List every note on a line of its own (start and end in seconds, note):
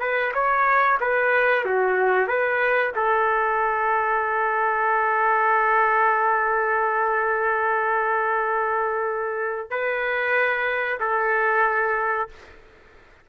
0.00 0.32 B4
0.34 0.98 C#5
1.00 1.65 B4
1.65 2.27 F#4
2.27 2.92 B4
2.95 9.70 A4
9.70 10.99 B4
11.00 12.29 A4